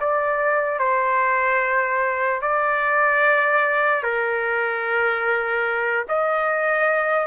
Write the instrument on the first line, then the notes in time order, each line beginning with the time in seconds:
trumpet
0.00 D5
0.79 C5
2.41 D5
4.03 A#4
6.08 D#5